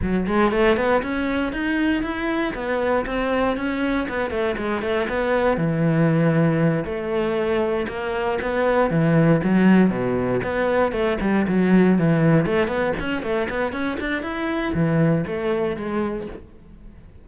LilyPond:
\new Staff \with { instrumentName = "cello" } { \time 4/4 \tempo 4 = 118 fis8 gis8 a8 b8 cis'4 dis'4 | e'4 b4 c'4 cis'4 | b8 a8 gis8 a8 b4 e4~ | e4. a2 ais8~ |
ais8 b4 e4 fis4 b,8~ | b,8 b4 a8 g8 fis4 e8~ | e8 a8 b8 cis'8 a8 b8 cis'8 d'8 | e'4 e4 a4 gis4 | }